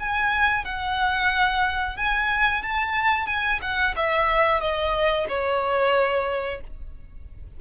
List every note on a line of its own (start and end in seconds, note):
0.00 0.65 G#5
0.65 1.97 F#5
1.97 2.63 G#5
2.63 3.27 A5
3.27 3.60 G#5
3.62 3.95 F#5
3.97 4.61 E5
4.61 5.27 D#5
5.29 6.61 C#5